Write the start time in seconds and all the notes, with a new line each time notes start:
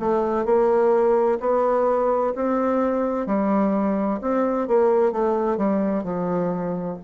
0.00 A3
0.45 A#3
1.40 B3
2.35 C4
3.26 G3
4.21 C4
4.68 A#3
5.12 A3
5.57 G3
6.04 F3